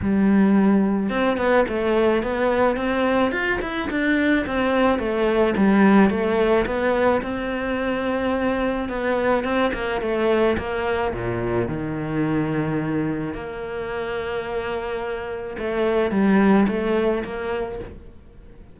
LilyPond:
\new Staff \with { instrumentName = "cello" } { \time 4/4 \tempo 4 = 108 g2 c'8 b8 a4 | b4 c'4 f'8 e'8 d'4 | c'4 a4 g4 a4 | b4 c'2. |
b4 c'8 ais8 a4 ais4 | ais,4 dis2. | ais1 | a4 g4 a4 ais4 | }